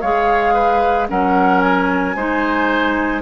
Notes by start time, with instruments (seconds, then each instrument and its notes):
0.00 bassoon G#3, clarinet G#4, oboe C#5, flute F5
0.53 oboe B4
1.08 bassoon F#3, clarinet C#4, oboe A#4, flute F#5
1.60 flute G#5
2.15 bassoon G#3, clarinet D#4, oboe C5